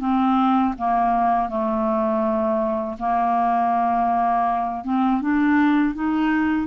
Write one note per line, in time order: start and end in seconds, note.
0.00 0.74 C4
0.78 1.49 A#3
1.49 2.97 A3
2.99 4.84 A#3
4.84 5.21 C4
5.21 5.95 D4
5.95 6.67 D#4